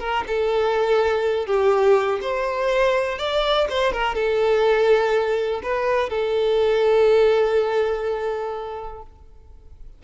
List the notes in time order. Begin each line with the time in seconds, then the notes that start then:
0.00 A#4
0.27 A4
1.47 G4
2.22 C5
3.19 D5
3.70 C5
3.93 A#4
4.15 A4
5.63 B4
6.10 A4